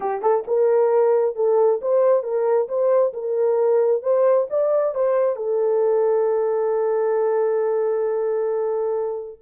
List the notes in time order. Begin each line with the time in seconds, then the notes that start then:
0.00 G4
0.22 A4
0.47 A#4
1.35 A4
1.81 C5
2.23 A#4
2.68 C5
3.13 A#4
4.02 C5
4.50 D5
4.94 C5
5.36 A4